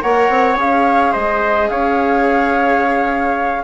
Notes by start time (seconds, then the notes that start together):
0.00 A#3 A#4 C#5 F#5
0.29 C4
0.56 C#4 G#4 F5
1.12 G#3 C5 D#5
1.69 C#4 C#5 F5